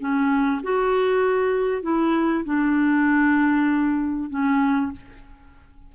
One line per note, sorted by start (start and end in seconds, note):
0.00 0.62 C#4
0.63 1.83 F#4
1.83 2.45 E4
2.45 4.30 D4
4.30 4.92 C#4